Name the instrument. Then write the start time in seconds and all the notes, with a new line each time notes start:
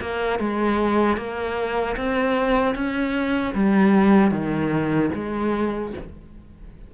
cello
0.00 A#3
0.39 G#3
1.17 A#3
1.96 C4
2.75 C#4
3.55 G3
4.31 D#3
5.14 G#3